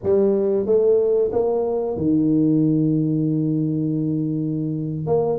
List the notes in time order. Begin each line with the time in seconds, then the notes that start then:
0.03 G3
0.66 A3
1.32 A#3
1.97 D#3
5.06 A#3